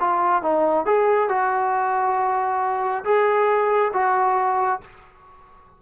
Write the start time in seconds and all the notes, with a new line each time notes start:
0.00 F4
0.42 D#4
0.86 G#4
1.29 F#4
3.04 G#4
3.93 F#4